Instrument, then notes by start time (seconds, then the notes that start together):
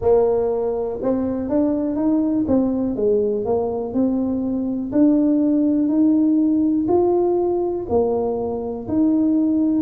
tuba
0.01 A#3
1.01 C4
1.49 D4
1.95 D#4
2.47 C4
2.96 G#3
3.45 A#3
3.93 C4
4.92 D4
5.88 D#4
6.88 F4
7.89 A#3
8.88 D#4